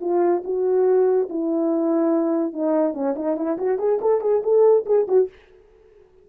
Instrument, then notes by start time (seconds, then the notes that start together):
horn
0.00 F4
0.44 F#4
1.29 E4
2.53 D#4
2.93 C#4
3.15 D#4
3.36 E4
3.57 F#4
3.78 G#4
4.01 A4
4.21 G#4
4.42 A4
4.86 G#4
5.08 F#4